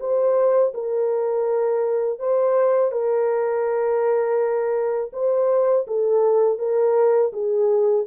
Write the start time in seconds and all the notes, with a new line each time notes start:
0.00 C5
0.74 A#4
2.19 C5
2.92 A#4
5.13 C5
5.87 A4
6.59 A#4
7.33 G#4